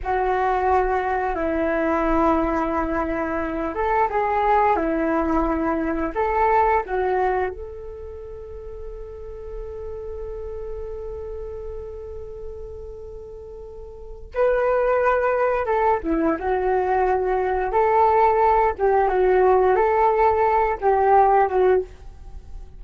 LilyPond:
\new Staff \with { instrumentName = "flute" } { \time 4/4 \tempo 4 = 88 fis'2 e'2~ | e'4. a'8 gis'4 e'4~ | e'4 a'4 fis'4 a'4~ | a'1~ |
a'1~ | a'4 b'2 a'8 e'8 | fis'2 a'4. g'8 | fis'4 a'4. g'4 fis'8 | }